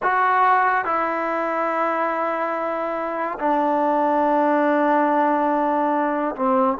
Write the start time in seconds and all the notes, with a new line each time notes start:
0.02 F#4
0.85 E4
3.39 D4
6.35 C4